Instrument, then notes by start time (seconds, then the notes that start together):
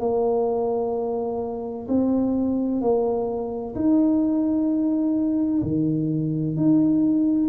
tuba
0.00 A#3
1.89 C4
2.82 A#3
3.75 D#4
5.63 D#3
6.57 D#4